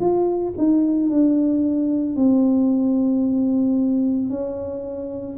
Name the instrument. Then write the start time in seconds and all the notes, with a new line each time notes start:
tuba
0.00 F4
0.58 D#4
1.10 D4
2.16 C4
4.30 C#4